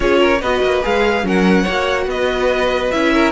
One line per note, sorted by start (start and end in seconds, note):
0.00 0.41 C#4
0.00 0.38 F4
0.00 0.20 G#4
0.00 0.41 C#5
0.20 0.40 A#4
0.41 0.62 B3
0.41 0.82 F#4
0.41 1.26 B4
0.41 0.83 D#5
0.62 0.83 A#3
0.82 1.23 G#3
0.82 1.23 G#4
0.82 1.27 F5
1.23 1.64 F#3
1.23 1.65 C#4
1.23 1.63 A#4
1.23 2.09 F#5
1.63 2.06 A#3
1.63 2.92 F#4
1.63 2.05 C#5
2.06 2.89 B3
2.06 3.12 B4
2.06 2.91 D#5
2.91 3.32 C#4
2.91 3.32 E4
2.91 3.32 E5
3.12 3.32 A#4